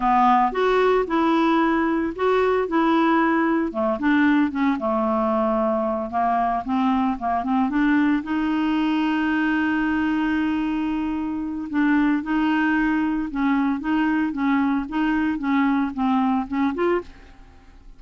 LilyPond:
\new Staff \with { instrumentName = "clarinet" } { \time 4/4 \tempo 4 = 113 b4 fis'4 e'2 | fis'4 e'2 a8 d'8~ | d'8 cis'8 a2~ a8 ais8~ | ais8 c'4 ais8 c'8 d'4 dis'8~ |
dis'1~ | dis'2 d'4 dis'4~ | dis'4 cis'4 dis'4 cis'4 | dis'4 cis'4 c'4 cis'8 f'8 | }